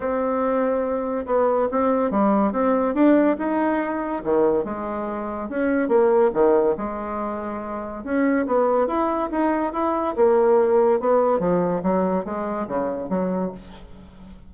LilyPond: \new Staff \with { instrumentName = "bassoon" } { \time 4/4 \tempo 4 = 142 c'2. b4 | c'4 g4 c'4 d'4 | dis'2 dis4 gis4~ | gis4 cis'4 ais4 dis4 |
gis2. cis'4 | b4 e'4 dis'4 e'4 | ais2 b4 f4 | fis4 gis4 cis4 fis4 | }